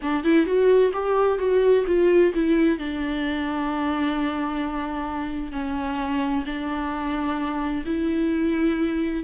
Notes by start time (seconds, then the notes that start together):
0.01 D4
0.24 E4
0.46 F#4
0.93 G4
1.38 F#4
1.87 F4
2.34 E4
2.78 D4
5.52 C#4
6.45 D4
7.85 E4